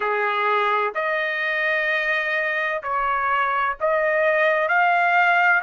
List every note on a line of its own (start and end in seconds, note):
0.00 0.93 G#4
0.95 2.82 D#5
2.82 3.76 C#5
3.80 4.68 D#5
4.68 5.62 F5